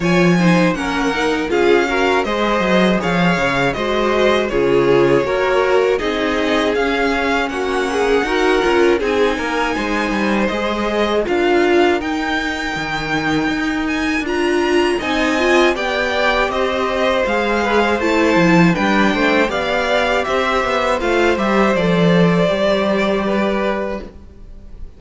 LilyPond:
<<
  \new Staff \with { instrumentName = "violin" } { \time 4/4 \tempo 4 = 80 gis''4 fis''4 f''4 dis''4 | f''4 dis''4 cis''2 | dis''4 f''4 fis''2 | gis''2 dis''4 f''4 |
g''2~ g''8 gis''8 ais''4 | gis''4 g''4 dis''4 f''4 | a''4 g''4 f''4 e''4 | f''8 e''8 d''2. | }
  \new Staff \with { instrumentName = "violin" } { \time 4/4 cis''8 c''8 ais'4 gis'8 ais'8 c''4 | cis''4 c''4 gis'4 ais'4 | gis'2 fis'8 gis'8 ais'4 | gis'8 ais'8 c''2 ais'4~ |
ais'1 | dis''4 d''4 c''4. b'16 c''16~ | c''4 b'8 c''8 d''4 c''4~ | c''2. b'4 | }
  \new Staff \with { instrumentName = "viola" } { \time 4/4 f'8 dis'8 cis'8 dis'8 f'8 fis'8 gis'4~ | gis'4 fis'4 f'4 fis'4 | dis'4 cis'2 fis'8 f'8 | dis'2 gis'4 f'4 |
dis'2. f'4 | dis'8 f'8 g'2 gis'4 | e'4 d'4 g'2 | f'8 g'8 a'4 g'2 | }
  \new Staff \with { instrumentName = "cello" } { \time 4/4 f4 ais4 cis'4 gis8 fis8 | f8 cis8 gis4 cis4 ais4 | c'4 cis'4 ais4 dis'8 cis'8 | c'8 ais8 gis8 g8 gis4 d'4 |
dis'4 dis4 dis'4 d'4 | c'4 b4 c'4 gis4 | a8 f8 g8 a8 b4 c'8 b8 | a8 g8 f4 g2 | }
>>